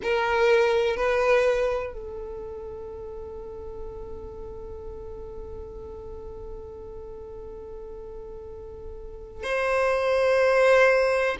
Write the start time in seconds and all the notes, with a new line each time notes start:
0.02 A#4
0.96 B4
1.93 A4
9.43 C5